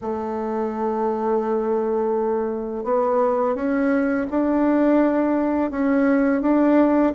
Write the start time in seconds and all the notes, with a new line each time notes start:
0.01 A3
2.83 B3
3.55 C#4
4.30 D4
5.70 C#4
6.41 D4